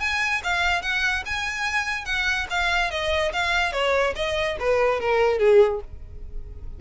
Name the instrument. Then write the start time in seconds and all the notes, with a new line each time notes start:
violin
0.00 G#5
0.43 F5
0.82 F#5
1.25 G#5
2.05 F#5
2.50 F5
2.91 D#5
3.32 F5
3.72 C#5
4.15 D#5
4.59 B4
5.00 A#4
5.39 G#4